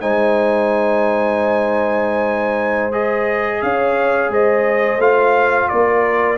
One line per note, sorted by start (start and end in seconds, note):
0.00 3.62 G#3
0.00 2.91 D#4
0.00 3.62 C5
0.00 2.93 G#5
2.91 4.98 G#4
2.91 3.61 D#5
3.61 4.29 C#4
3.61 4.31 C#5
3.61 4.30 F5
4.29 4.98 G#3
4.29 5.69 C5
4.29 5.00 D#5
4.98 5.67 A3
4.98 6.37 F4
4.98 5.68 F5
5.68 6.37 A#3
5.68 6.37 A#4
5.68 6.37 D5